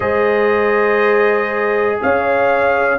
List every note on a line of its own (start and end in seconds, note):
0.00 1.98 G#3
0.00 2.98 G#4
0.00 1.98 C5
0.00 1.99 D#5
2.01 2.99 C#4
2.01 2.99 C#5
2.01 2.99 F5